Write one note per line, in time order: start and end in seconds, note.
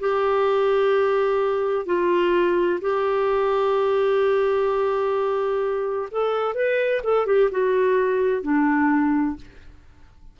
0.00 1.86 G4
1.86 2.80 F4
2.81 6.09 G4
6.11 6.55 A4
6.55 7.02 B4
7.03 7.26 A4
7.26 7.50 G4
7.51 8.42 F#4
8.42 9.36 D4